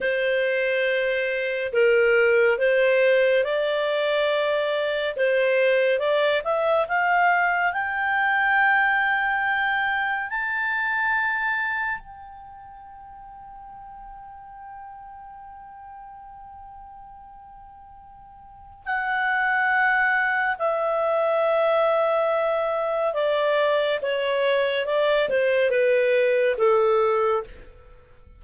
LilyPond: \new Staff \with { instrumentName = "clarinet" } { \time 4/4 \tempo 4 = 70 c''2 ais'4 c''4 | d''2 c''4 d''8 e''8 | f''4 g''2. | a''2 g''2~ |
g''1~ | g''2 fis''2 | e''2. d''4 | cis''4 d''8 c''8 b'4 a'4 | }